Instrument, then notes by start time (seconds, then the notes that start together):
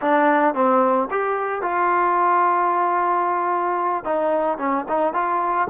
trombone
0.01 D4
0.54 C4
1.11 G4
1.62 F4
4.04 D#4
4.58 C#4
4.88 D#4
5.13 F4